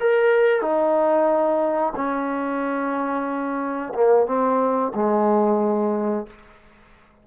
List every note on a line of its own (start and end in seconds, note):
0.00 0.61 A#4
0.61 1.93 D#4
1.96 3.94 C#4
3.94 4.26 A#3
4.26 4.92 C4
4.95 6.27 G#3